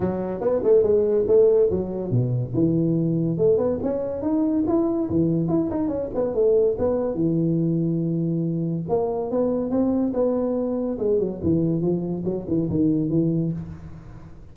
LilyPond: \new Staff \with { instrumentName = "tuba" } { \time 4/4 \tempo 4 = 142 fis4 b8 a8 gis4 a4 | fis4 b,4 e2 | a8 b8 cis'4 dis'4 e'4 | e4 e'8 dis'8 cis'8 b8 a4 |
b4 e2.~ | e4 ais4 b4 c'4 | b2 gis8 fis8 e4 | f4 fis8 e8 dis4 e4 | }